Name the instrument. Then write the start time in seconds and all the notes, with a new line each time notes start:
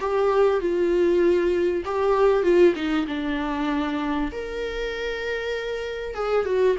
viola
0.00 G4
0.60 F4
1.85 G4
2.43 F4
2.75 D#4
3.07 D4
4.32 A#4
6.14 G#4
6.46 F#4